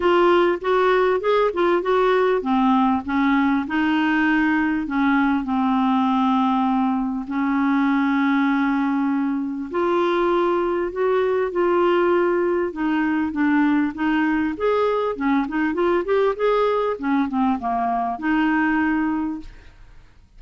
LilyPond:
\new Staff \with { instrumentName = "clarinet" } { \time 4/4 \tempo 4 = 99 f'4 fis'4 gis'8 f'8 fis'4 | c'4 cis'4 dis'2 | cis'4 c'2. | cis'1 |
f'2 fis'4 f'4~ | f'4 dis'4 d'4 dis'4 | gis'4 cis'8 dis'8 f'8 g'8 gis'4 | cis'8 c'8 ais4 dis'2 | }